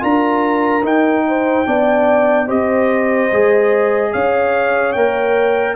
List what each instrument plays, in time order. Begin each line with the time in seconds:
0.00 tuba D4, trombone F4, horn A#4, trumpet A#5
0.83 tuba D#4, trombone D#4, trumpet G5
1.28 horn C5
1.65 tuba B3, trombone D4, horn D5
2.47 tuba C4, trombone G4, horn C5, trumpet D#5
3.32 tuba G#3, trombone G#4
4.12 tuba C#4, horn C#5, trumpet F5
4.93 tuba A#3, trombone A#4, trumpet G5